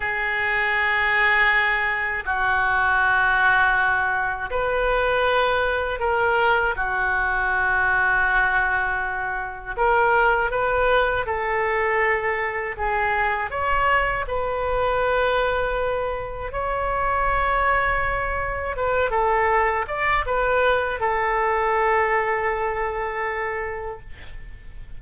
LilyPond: \new Staff \with { instrumentName = "oboe" } { \time 4/4 \tempo 4 = 80 gis'2. fis'4~ | fis'2 b'2 | ais'4 fis'2.~ | fis'4 ais'4 b'4 a'4~ |
a'4 gis'4 cis''4 b'4~ | b'2 cis''2~ | cis''4 b'8 a'4 d''8 b'4 | a'1 | }